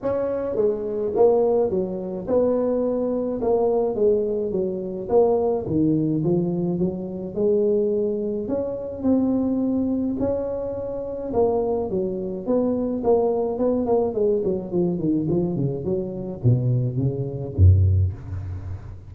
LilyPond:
\new Staff \with { instrumentName = "tuba" } { \time 4/4 \tempo 4 = 106 cis'4 gis4 ais4 fis4 | b2 ais4 gis4 | fis4 ais4 dis4 f4 | fis4 gis2 cis'4 |
c'2 cis'2 | ais4 fis4 b4 ais4 | b8 ais8 gis8 fis8 f8 dis8 f8 cis8 | fis4 b,4 cis4 fis,4 | }